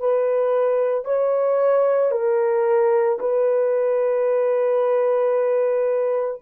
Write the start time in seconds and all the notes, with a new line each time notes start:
0.00 B4
1.05 C#5
2.11 A#4
3.20 B4